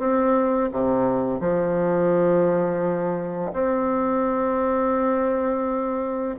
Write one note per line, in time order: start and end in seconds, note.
0.00 0.71 C4
0.72 1.41 C3
1.41 3.52 F3
3.54 6.36 C4